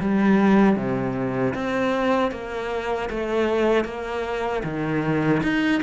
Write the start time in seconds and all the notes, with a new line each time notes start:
0.00 G3
0.76 C3
1.54 C4
2.31 A#3
3.10 A3
3.85 A#3
4.64 D#3
5.43 D#4